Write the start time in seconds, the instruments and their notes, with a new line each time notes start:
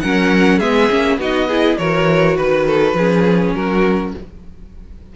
0.00 cello F#3, viola C#4, violin A#4 F#5
0.58 cello G#3, viola B3, violin G#4 E5
0.89 cello A#3, viola C#4
1.17 cello B3, viola D#4, violin F#4 D#5
1.48 viola E4, violin G#4
1.77 cello E3, viola F#4, violin A#4 C#5
2.36 cello D#3, violin B4
2.66 violin A4
2.93 cello F3, viola C#4, violin G#4
3.54 cello F#3, violin F#4 A#4